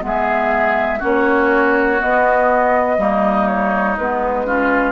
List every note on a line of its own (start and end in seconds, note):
0.00 1.01 G#3
0.00 0.98 B3
0.00 1.03 E5
0.07 0.99 G#4
0.99 2.01 A#3
0.99 1.99 C#4
0.99 2.96 F#4
0.99 2.01 C#5
1.99 2.98 B3
1.99 3.48 D#5
2.98 3.97 G3
2.98 3.96 A#3
2.98 4.47 D#4
3.48 3.97 C#5
3.98 4.92 G#3
3.98 4.46 B3
3.98 4.92 B4
4.46 4.92 C#4
4.46 4.92 F4